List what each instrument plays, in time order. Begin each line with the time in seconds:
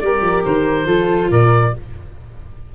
0.00 tuba G3, viola G4, flute A#4, oboe D5
0.21 tuba F3
0.45 tuba D#3, oboe C5
0.86 tuba F3, viola F4, flute A4
1.31 tuba A#2, flute A#4, oboe D5